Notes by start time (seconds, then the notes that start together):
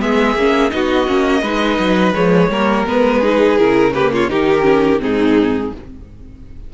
0.00 G#3 B3 G#4 E5
0.36 A#3 C#4
0.70 B3 D#4 F#4 D#5
1.08 A#3 C#4
1.42 G#3 D#4 B4
1.79 F#3
2.14 F3 G#3 C#5
2.49 G3 A#3 A#4
2.87 G#3 B3 B4
3.20 D#4 G#4
3.58 C#3 E4 A#4
3.94 A#3 G4 B4
4.13 F4 C#5
4.30 D#3 D#4 G4 A#4
4.62 C#4
4.99 G#2 C4 D#4 G#4